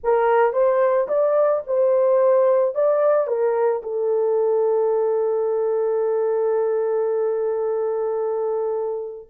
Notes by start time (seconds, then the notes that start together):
0.03 A#4
0.53 C5
1.08 D5
1.67 C5
2.74 D5
3.27 A#4
3.83 A4